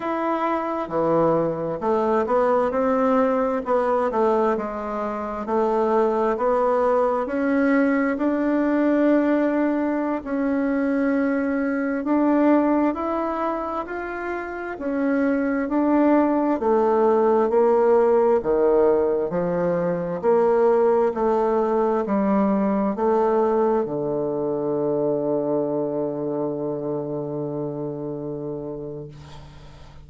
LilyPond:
\new Staff \with { instrumentName = "bassoon" } { \time 4/4 \tempo 4 = 66 e'4 e4 a8 b8 c'4 | b8 a8 gis4 a4 b4 | cis'4 d'2~ d'16 cis'8.~ | cis'4~ cis'16 d'4 e'4 f'8.~ |
f'16 cis'4 d'4 a4 ais8.~ | ais16 dis4 f4 ais4 a8.~ | a16 g4 a4 d4.~ d16~ | d1 | }